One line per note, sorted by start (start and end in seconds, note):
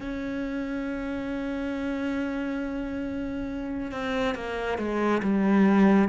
0.00 3.91 C#4
3.91 4.34 C4
4.34 4.78 A#3
4.78 5.21 G#3
5.23 6.08 G3